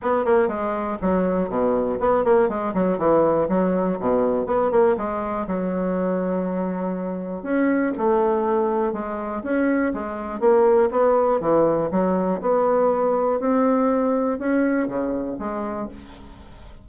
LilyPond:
\new Staff \with { instrumentName = "bassoon" } { \time 4/4 \tempo 4 = 121 b8 ais8 gis4 fis4 b,4 | b8 ais8 gis8 fis8 e4 fis4 | b,4 b8 ais8 gis4 fis4~ | fis2. cis'4 |
a2 gis4 cis'4 | gis4 ais4 b4 e4 | fis4 b2 c'4~ | c'4 cis'4 cis4 gis4 | }